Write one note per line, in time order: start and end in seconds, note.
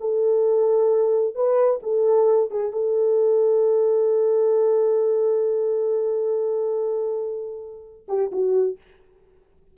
0.00 1.35 A4
1.35 1.80 B4
1.83 2.50 A4
2.50 2.72 G#4
2.72 8.06 A4
8.08 8.31 G4
8.32 8.77 F#4